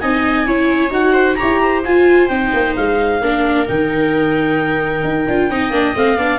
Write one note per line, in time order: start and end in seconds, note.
0.00 0.47 C4
0.00 0.46 D#4
0.00 0.47 D#5
0.00 0.92 G#5
0.46 0.91 C#4
0.46 0.90 E4
0.46 1.13 C#5
0.90 1.36 D#4
0.90 1.36 F#4
0.90 1.35 F#5
1.13 1.36 C5
1.35 1.84 G4
1.35 1.62 C#5
1.35 1.81 A#5
1.43 1.85 E4
1.63 3.23 C5
1.84 2.29 F4
1.84 2.30 F4
1.84 2.28 G#5
2.28 2.52 C4
2.28 3.20 D#4
2.28 2.74 G5
2.54 2.77 A#3
2.76 3.21 G#3
2.76 3.68 F5
3.21 3.67 A#3
3.21 3.67 D4
3.21 5.51 A#4
3.67 5.04 D#3
3.67 5.27 D#4
3.67 5.97 G5
5.04 5.27 D#4
5.28 5.50 D4
5.28 5.51 F4
5.50 5.70 C4
5.50 5.72 D#4
5.50 6.18 D#5
5.70 5.93 A#3
5.70 5.95 D4
5.95 6.18 A3
5.95 6.18 C4
5.95 6.39 F5
6.18 6.39 B3
6.18 6.39 D4
6.18 6.39 D5